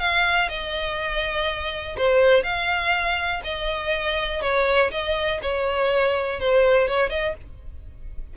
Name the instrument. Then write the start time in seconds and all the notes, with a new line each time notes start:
violin
0.00 F5
0.49 D#5
1.97 C5
2.44 F5
3.44 D#5
4.42 C#5
4.92 D#5
5.42 C#5
6.41 C5
6.88 C#5
7.10 D#5